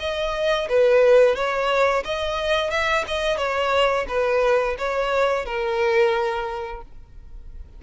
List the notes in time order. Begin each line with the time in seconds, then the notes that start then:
0.00 D#5
0.69 B4
1.35 C#5
2.05 D#5
2.71 E5
3.07 D#5
3.37 C#5
4.08 B4
4.78 C#5
5.45 A#4